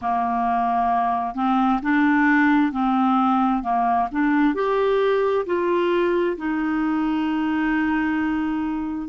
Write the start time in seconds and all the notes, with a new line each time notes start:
0.01 A#3
1.34 C4
1.82 D4
2.72 C4
3.62 A#3
4.11 D4
4.54 G4
5.45 F4
6.37 D#4